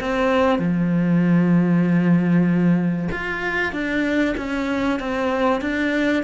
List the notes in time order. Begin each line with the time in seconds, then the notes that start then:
0.00 C4
0.59 F3
3.12 F4
3.72 D4
4.38 C#4
5.00 C4
5.61 D4